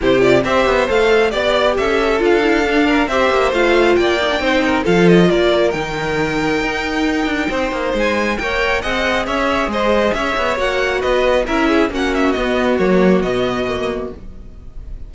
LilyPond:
<<
  \new Staff \with { instrumentName = "violin" } { \time 4/4 \tempo 4 = 136 c''8 d''8 e''4 f''4 d''4 | e''4 f''2 e''4 | f''4 g''2 f''8 dis''8 | d''4 g''2.~ |
g''2 gis''4 g''4 | fis''4 e''4 dis''4 e''4 | fis''4 dis''4 e''4 fis''8 e''8 | dis''4 cis''4 dis''2 | }
  \new Staff \with { instrumentName = "violin" } { \time 4/4 g'4 c''2 d''4 | a'2~ a'8 ais'8 c''4~ | c''4 d''4 c''8 ais'8 a'4 | ais'1~ |
ais'4 c''2 cis''4 | dis''4 cis''4 c''4 cis''4~ | cis''4 b'4 ais'8 gis'8 fis'4~ | fis'1 | }
  \new Staff \with { instrumentName = "viola" } { \time 4/4 e'8 f'8 g'4 a'4 g'4~ | g'4 f'8 e'8 d'4 g'4 | f'4. dis'16 d'16 dis'4 f'4~ | f'4 dis'2.~ |
dis'2. ais'4 | gis'1 | fis'2 e'4 cis'4 | b4 ais4 b4 ais4 | }
  \new Staff \with { instrumentName = "cello" } { \time 4/4 c4 c'8 b8 a4 b4 | cis'4 d'2 c'8 ais8 | a4 ais4 c'4 f4 | ais4 dis2 dis'4~ |
dis'8 d'8 c'8 ais8 gis4 ais4 | c'4 cis'4 gis4 cis'8 b8 | ais4 b4 cis'4 ais4 | b4 fis4 b,2 | }
>>